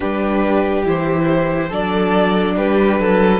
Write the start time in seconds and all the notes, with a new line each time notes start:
0.00 G3 D4 G4 B4
0.84 E3 E4 C5
1.68 F#3 D4 A4 D5
2.57 G3 G4 B4
2.99 F#3 A4